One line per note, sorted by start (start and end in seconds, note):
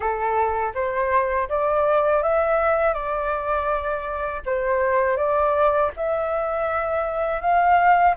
0.00 0.72 A4
0.74 1.48 C5
1.48 2.22 D5
2.23 2.93 E5
2.93 4.41 D5
4.45 5.16 C5
5.16 5.91 D5
5.96 7.41 E5
7.41 8.15 F5